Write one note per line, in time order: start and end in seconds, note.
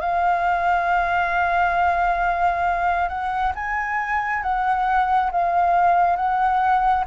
0.00 3.08 F5
3.08 3.53 F#5
3.55 4.42 G#5
4.42 5.31 F#5
5.31 6.16 F5
6.16 7.04 F#5